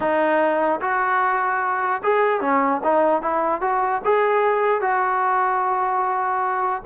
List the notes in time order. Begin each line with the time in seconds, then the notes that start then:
0.00 D#4
0.81 F#4
2.03 G#4
2.40 C#4
2.83 D#4
3.22 E4
3.61 F#4
4.04 G#4
4.81 F#4